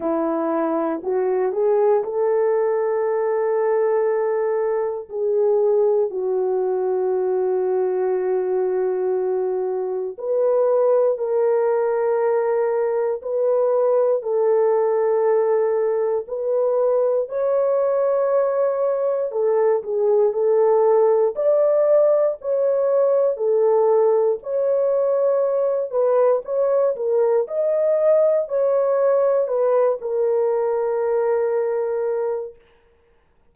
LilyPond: \new Staff \with { instrumentName = "horn" } { \time 4/4 \tempo 4 = 59 e'4 fis'8 gis'8 a'2~ | a'4 gis'4 fis'2~ | fis'2 b'4 ais'4~ | ais'4 b'4 a'2 |
b'4 cis''2 a'8 gis'8 | a'4 d''4 cis''4 a'4 | cis''4. b'8 cis''8 ais'8 dis''4 | cis''4 b'8 ais'2~ ais'8 | }